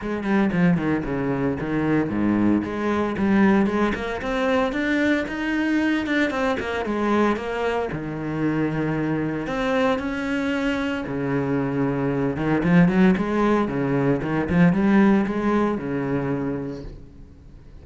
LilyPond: \new Staff \with { instrumentName = "cello" } { \time 4/4 \tempo 4 = 114 gis8 g8 f8 dis8 cis4 dis4 | gis,4 gis4 g4 gis8 ais8 | c'4 d'4 dis'4. d'8 | c'8 ais8 gis4 ais4 dis4~ |
dis2 c'4 cis'4~ | cis'4 cis2~ cis8 dis8 | f8 fis8 gis4 cis4 dis8 f8 | g4 gis4 cis2 | }